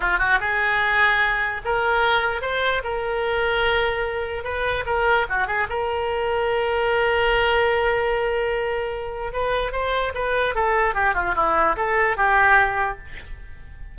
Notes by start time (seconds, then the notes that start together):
0.00 F4
0.18 F#4
0.39 G#4
1.64 A#4
2.41 C5
2.83 A#4
4.44 B4
4.85 A#4
5.29 F#4
5.47 G#4
5.69 A#4
9.32 B4
9.72 C5
10.14 B4
10.54 A4
10.94 G4
11.14 F4
11.35 E4
11.76 A4
12.16 G4